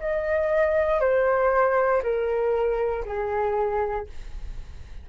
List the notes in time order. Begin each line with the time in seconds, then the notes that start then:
0.00 D#5
1.00 C5
2.03 A#4
3.05 G#4